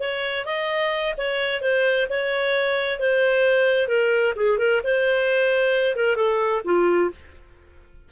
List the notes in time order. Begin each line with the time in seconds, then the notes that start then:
0.00 C#5
0.46 D#5
1.17 C#5
1.62 C5
2.09 C#5
3.00 C5
3.88 A#4
4.36 G#4
4.58 A#4
4.84 C5
5.96 A#4
6.16 A4
6.65 F4